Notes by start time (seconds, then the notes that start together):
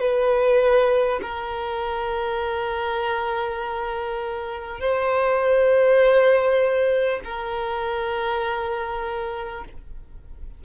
0.00 B4
1.22 A#4
4.80 C5
7.25 A#4